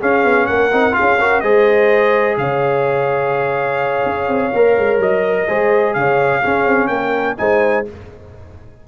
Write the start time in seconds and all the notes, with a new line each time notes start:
0.00 C#4 G#4 F5
0.25 B3
0.47 A#3 A#4 F#5
0.72 C4 D#4
0.93 F4 G#4 F5
1.01 C#4
1.19 F#4 A#4
1.41 G#3 G#4 C5 D#5
2.38 C#3 C#5 F5
4.06 C#4
4.28 C4
4.54 A#3 A#4
4.78 G#3
4.99 F#3 D#5
5.48 G#3 G#4 C5
5.94 C#3 C#5 F5
6.41 C#4 G#4
6.66 C4
6.88 A#3 A#4 G5
7.38 G#3 D#4 C5 G#5